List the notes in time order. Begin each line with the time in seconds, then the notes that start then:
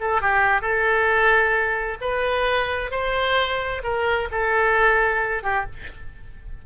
0.00 A4
0.21 G4
0.61 A4
2.01 B4
2.91 C5
3.83 A#4
4.31 A4
5.43 G4